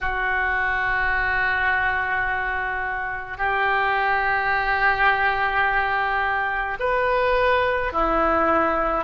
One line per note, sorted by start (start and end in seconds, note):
0.00 3.37 F#4
3.37 6.77 G4
6.79 7.92 B4
7.92 9.04 E4